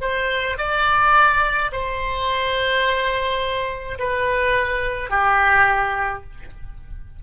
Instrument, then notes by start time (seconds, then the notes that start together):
oboe
0.00 C5
0.58 D5
1.72 C5
3.98 B4
5.09 G4